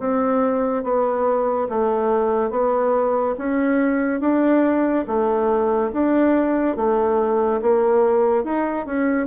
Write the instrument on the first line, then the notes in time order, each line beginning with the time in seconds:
bassoon
0.00 C4
0.84 B3
1.70 A3
2.51 B3
3.38 C#4
4.21 D4
5.07 A3
5.93 D4
6.77 A3
7.62 A#3
8.44 D#4
8.87 C#4